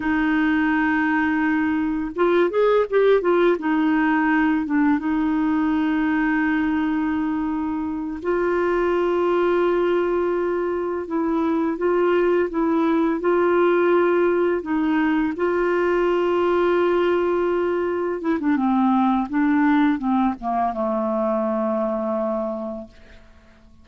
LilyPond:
\new Staff \with { instrumentName = "clarinet" } { \time 4/4 \tempo 4 = 84 dis'2. f'8 gis'8 | g'8 f'8 dis'4. d'8 dis'4~ | dis'2.~ dis'8 f'8~ | f'2.~ f'8 e'8~ |
e'8 f'4 e'4 f'4.~ | f'8 dis'4 f'2~ f'8~ | f'4. e'16 d'16 c'4 d'4 | c'8 ais8 a2. | }